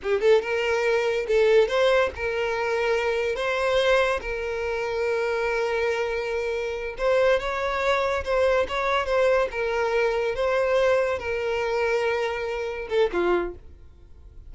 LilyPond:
\new Staff \with { instrumentName = "violin" } { \time 4/4 \tempo 4 = 142 g'8 a'8 ais'2 a'4 | c''4 ais'2. | c''2 ais'2~ | ais'1~ |
ais'8 c''4 cis''2 c''8~ | c''8 cis''4 c''4 ais'4.~ | ais'8 c''2 ais'4.~ | ais'2~ ais'8 a'8 f'4 | }